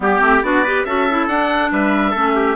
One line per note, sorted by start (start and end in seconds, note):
0.00 0.20 G3
0.00 0.20 B3
0.00 0.42 G4
0.00 0.45 G4
0.20 0.41 A3
0.20 0.42 C4
0.42 0.84 B3
0.42 0.65 D4
0.42 0.64 F#4
0.42 0.84 D5
0.64 0.87 G4
0.64 0.85 B4
0.84 1.27 C#4
0.84 1.08 F#4
0.84 1.71 A4
0.84 1.27 E5
1.10 1.29 E4
1.27 1.70 D4
1.27 2.15 D4
1.27 1.71 F#5
1.71 2.14 G3
1.71 2.11 B4
1.71 2.56 E5
2.11 2.56 A3
2.11 2.56 C#4
2.11 2.32 A4
2.35 2.56 G4